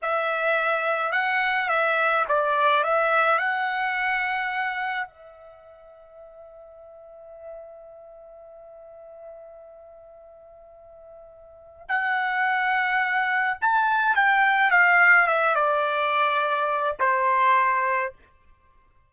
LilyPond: \new Staff \with { instrumentName = "trumpet" } { \time 4/4 \tempo 4 = 106 e''2 fis''4 e''4 | d''4 e''4 fis''2~ | fis''4 e''2.~ | e''1~ |
e''1~ | e''4 fis''2. | a''4 g''4 f''4 e''8 d''8~ | d''2 c''2 | }